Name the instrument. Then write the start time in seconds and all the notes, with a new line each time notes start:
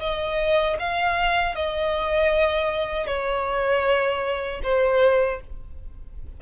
violin
0.00 D#5
0.79 F5
1.56 D#5
3.07 C#5
4.64 C5